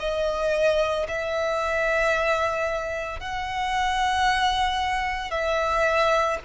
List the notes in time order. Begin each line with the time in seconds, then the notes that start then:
0.00 D#5
1.08 E5
3.20 F#5
5.31 E5